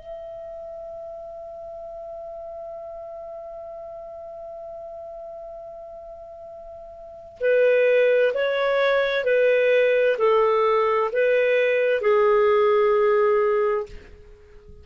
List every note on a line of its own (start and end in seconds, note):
0.00 7.38 E5
7.40 8.32 B4
8.34 9.24 C#5
9.24 10.16 B4
10.18 11.10 A4
11.12 12.01 B4
12.01 13.86 G#4